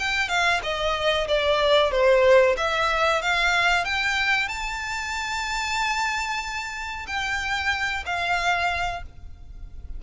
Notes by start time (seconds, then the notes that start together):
0.00 G5
0.29 F5
0.64 D#5
1.28 D5
1.92 C5
2.57 E5
3.22 F5
3.85 G5
4.49 A5
7.07 G5
8.06 F5